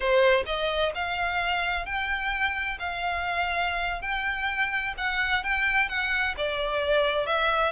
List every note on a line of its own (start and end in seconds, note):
0.00 0.44 C5
0.46 0.92 D#5
0.95 1.85 F5
1.85 2.78 G5
2.79 4.01 F5
4.01 4.93 G5
4.97 5.43 F#5
5.43 5.88 G5
5.88 6.34 F#5
6.37 7.26 D5
7.26 7.72 E5